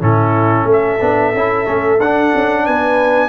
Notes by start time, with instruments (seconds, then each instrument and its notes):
0.00 tuba A2, trombone C#4, horn E4, trumpet A4
0.64 tuba A3, horn A4
0.72 trumpet E5
1.00 tuba B3, trombone D4
1.34 tuba C#4, trombone E4
1.65 tuba A3, trombone C#4
2.00 tuba D4, trombone D4, trumpet F#5
2.35 tuba C#4
2.65 tuba B3, horn B4, trumpet G#5